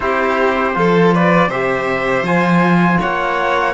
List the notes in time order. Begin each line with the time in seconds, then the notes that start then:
0.00 C4 E4 G4 C5
0.74 F3 F4 A4
1.14 B4 D5
1.47 C3 G4 C5 E5
2.22 F3 F4 G#5
2.99 A#3 C#5 F#5